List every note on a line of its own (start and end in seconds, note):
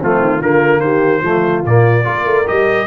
0.00 0.19 F3
0.00 0.43 A3
0.00 0.39 C4
0.00 0.42 F4
0.19 0.40 D#3
0.39 0.80 D3
0.39 1.23 A#3
0.39 0.81 F4
0.39 0.80 A#4
0.80 1.21 D#3
0.80 1.20 G4
0.80 1.62 C5
1.20 1.64 F3
1.20 1.64 A3
1.20 2.03 F4
1.65 2.06 A#2
1.65 2.04 A#3
1.65 2.48 D5
2.04 2.25 A#3
2.04 2.45 F4
2.04 2.87 A#4
2.25 2.45 A3
2.46 2.87 G3
2.46 2.87 G4
2.46 2.87 D#5